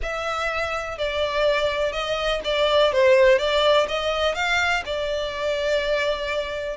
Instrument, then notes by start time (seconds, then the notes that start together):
violin
0.02 E5
0.97 D5
1.92 D#5
2.44 D5
2.92 C5
3.38 D5
3.88 D#5
4.34 F5
4.85 D5